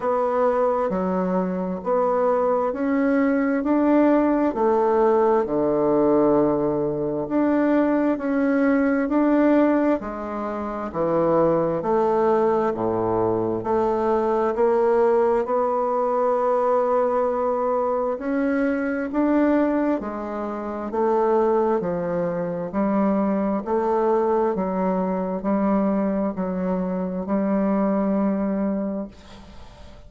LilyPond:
\new Staff \with { instrumentName = "bassoon" } { \time 4/4 \tempo 4 = 66 b4 fis4 b4 cis'4 | d'4 a4 d2 | d'4 cis'4 d'4 gis4 | e4 a4 a,4 a4 |
ais4 b2. | cis'4 d'4 gis4 a4 | f4 g4 a4 fis4 | g4 fis4 g2 | }